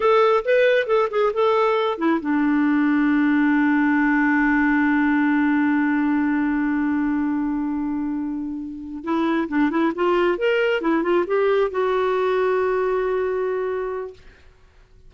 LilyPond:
\new Staff \with { instrumentName = "clarinet" } { \time 4/4 \tempo 4 = 136 a'4 b'4 a'8 gis'8 a'4~ | a'8 e'8 d'2.~ | d'1~ | d'1~ |
d'1~ | d'8 e'4 d'8 e'8 f'4 ais'8~ | ais'8 e'8 f'8 g'4 fis'4.~ | fis'1 | }